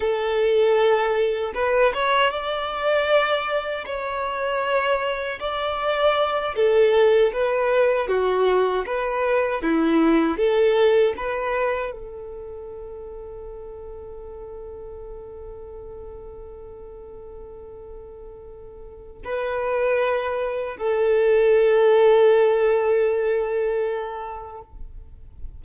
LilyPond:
\new Staff \with { instrumentName = "violin" } { \time 4/4 \tempo 4 = 78 a'2 b'8 cis''8 d''4~ | d''4 cis''2 d''4~ | d''8 a'4 b'4 fis'4 b'8~ | b'8 e'4 a'4 b'4 a'8~ |
a'1~ | a'1~ | a'4 b'2 a'4~ | a'1 | }